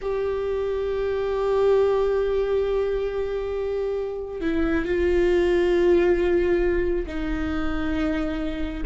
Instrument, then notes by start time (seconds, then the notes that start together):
viola
0.01 G4
4.41 E4
4.85 F4
7.06 D#4